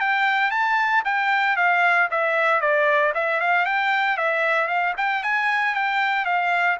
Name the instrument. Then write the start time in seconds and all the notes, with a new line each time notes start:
trumpet
0.00 G5
0.51 A5
1.05 G5
1.57 F5
2.11 E5
2.61 D5
3.14 E5
3.40 F5
3.65 G5
4.17 E5
4.68 F5
4.97 G5
5.23 G#5
5.75 G5
6.25 F5